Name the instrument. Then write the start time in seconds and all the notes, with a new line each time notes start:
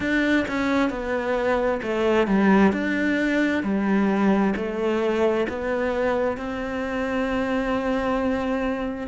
cello
0.00 D4
0.48 C#4
0.90 B3
1.82 A3
2.27 G3
2.72 D4
3.63 G3
4.55 A3
5.48 B3
6.37 C4